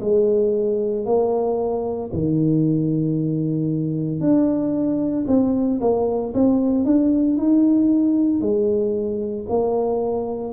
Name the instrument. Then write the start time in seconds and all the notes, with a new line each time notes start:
tuba
0.00 G#3
1.05 A#3
2.12 D#3
4.20 D4
5.27 C4
5.80 A#3
6.33 C4
6.85 D4
7.37 D#4
8.40 G#3
9.48 A#3